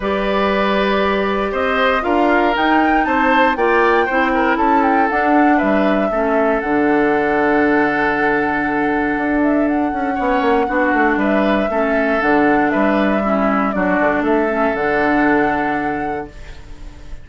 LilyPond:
<<
  \new Staff \with { instrumentName = "flute" } { \time 4/4 \tempo 4 = 118 d''2. dis''4 | f''4 g''4 a''4 g''4~ | g''4 a''8 g''8 fis''4 e''4~ | e''4 fis''2.~ |
fis''2~ fis''8 e''8 fis''4~ | fis''2 e''2 | fis''4 e''2 d''4 | e''4 fis''2. | }
  \new Staff \with { instrumentName = "oboe" } { \time 4/4 b'2. c''4 | ais'2 c''4 d''4 | c''8 ais'8 a'2 b'4 | a'1~ |
a'1 | cis''4 fis'4 b'4 a'4~ | a'4 b'4 e'4 fis'4 | a'1 | }
  \new Staff \with { instrumentName = "clarinet" } { \time 4/4 g'1 | f'4 dis'2 f'4 | e'2 d'2 | cis'4 d'2.~ |
d'1 | cis'4 d'2 cis'4 | d'2 cis'4 d'4~ | d'8 cis'8 d'2. | }
  \new Staff \with { instrumentName = "bassoon" } { \time 4/4 g2. c'4 | d'4 dis'4 c'4 ais4 | c'4 cis'4 d'4 g4 | a4 d2.~ |
d2 d'4. cis'8 | b8 ais8 b8 a8 g4 a4 | d4 g2 fis8 d8 | a4 d2. | }
>>